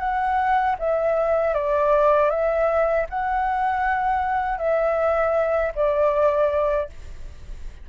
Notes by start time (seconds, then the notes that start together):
0.00 F#5
0.79 E5
1.54 D5
2.30 E5
3.10 F#5
4.58 E5
5.75 D5